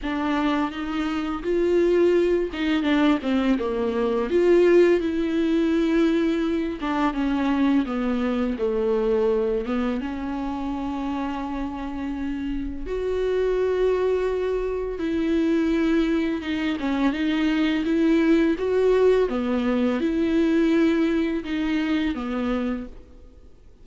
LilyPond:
\new Staff \with { instrumentName = "viola" } { \time 4/4 \tempo 4 = 84 d'4 dis'4 f'4. dis'8 | d'8 c'8 ais4 f'4 e'4~ | e'4. d'8 cis'4 b4 | a4. b8 cis'2~ |
cis'2 fis'2~ | fis'4 e'2 dis'8 cis'8 | dis'4 e'4 fis'4 b4 | e'2 dis'4 b4 | }